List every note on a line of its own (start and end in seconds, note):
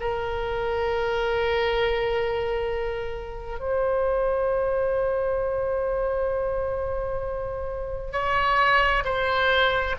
0.00 3.59 A#4
3.59 8.12 C5
8.12 9.03 C#5
9.04 9.95 C5